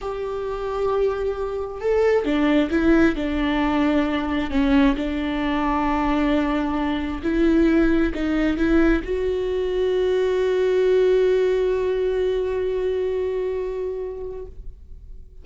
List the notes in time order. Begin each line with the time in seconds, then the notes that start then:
0.01 G4
1.80 A4
2.24 D4
2.70 E4
3.15 D4
4.50 C#4
4.96 D4
7.23 E4
8.14 D#4
8.57 E4
9.04 F#4